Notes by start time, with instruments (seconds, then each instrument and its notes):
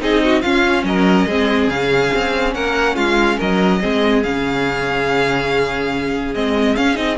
0.00 cello C4, viola D#4, violin G#4 D#5
0.23 violin F#4
0.41 viola C#4, cello C#4, violin F4 F5
0.83 cello F#3, violin A#4 D#5
1.26 cello G#3, viola C4, violin G#4
1.67 cello C#3, violin F5
1.73 viola C#4
2.14 cello C4
2.54 cello A#3, violin A#4 F#5
2.95 cello G#3, violin F4 F5
3.37 cello F#3, violin A#4 D#5
3.80 cello G#3, viola C4, violin G#4
4.23 cello C#3, viola C#4, violin F5
6.34 cello G#3, viola C4, violin D#5
6.75 viola C#4, cello C#4, violin F5
6.94 cello C4, viola D#4, violin D#5